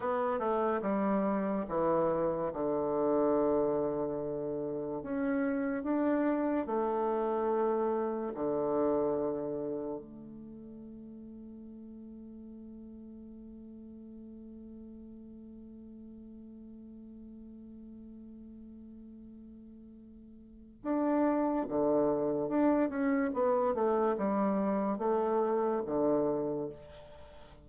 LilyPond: \new Staff \with { instrumentName = "bassoon" } { \time 4/4 \tempo 4 = 72 b8 a8 g4 e4 d4~ | d2 cis'4 d'4 | a2 d2 | a1~ |
a1~ | a1~ | a4 d'4 d4 d'8 cis'8 | b8 a8 g4 a4 d4 | }